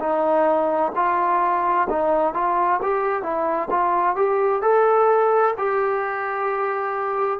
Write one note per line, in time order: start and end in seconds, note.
0.00 0.92 D#4
0.95 1.88 F4
1.90 2.34 D#4
2.34 2.80 F4
2.82 3.22 G4
3.22 3.68 E4
3.70 4.16 F4
4.16 4.62 G4
4.62 5.54 A4
5.58 7.39 G4